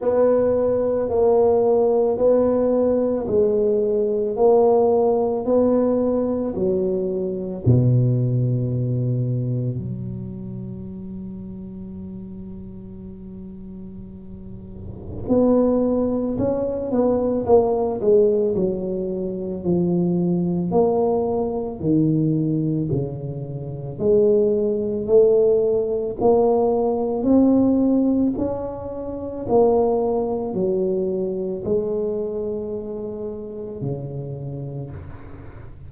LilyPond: \new Staff \with { instrumentName = "tuba" } { \time 4/4 \tempo 4 = 55 b4 ais4 b4 gis4 | ais4 b4 fis4 b,4~ | b,4 fis2.~ | fis2 b4 cis'8 b8 |
ais8 gis8 fis4 f4 ais4 | dis4 cis4 gis4 a4 | ais4 c'4 cis'4 ais4 | fis4 gis2 cis4 | }